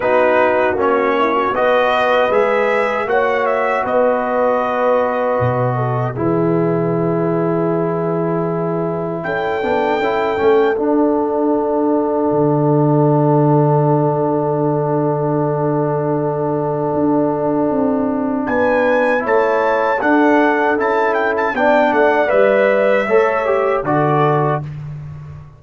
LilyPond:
<<
  \new Staff \with { instrumentName = "trumpet" } { \time 4/4 \tempo 4 = 78 b'4 cis''4 dis''4 e''4 | fis''8 e''8 dis''2. | b'1 | g''2 fis''2~ |
fis''1~ | fis''1 | gis''4 a''4 fis''4 a''8 g''16 a''16 | g''8 fis''8 e''2 d''4 | }
  \new Staff \with { instrumentName = "horn" } { \time 4/4 fis'4. e'16 fis'16 b'2 | cis''4 b'2~ b'8 a'8 | gis'1 | a'1~ |
a'1~ | a'1 | b'4 cis''4 a'2 | d''2 cis''4 a'4 | }
  \new Staff \with { instrumentName = "trombone" } { \time 4/4 dis'4 cis'4 fis'4 gis'4 | fis'1 | e'1~ | e'8 d'8 e'8 cis'8 d'2~ |
d'1~ | d'1~ | d'4 e'4 d'4 e'4 | d'4 b'4 a'8 g'8 fis'4 | }
  \new Staff \with { instrumentName = "tuba" } { \time 4/4 b4 ais4 b4 gis4 | ais4 b2 b,4 | e1 | cis'8 b8 cis'8 a8 d'2 |
d1~ | d2 d'4 c'4 | b4 a4 d'4 cis'4 | b8 a8 g4 a4 d4 | }
>>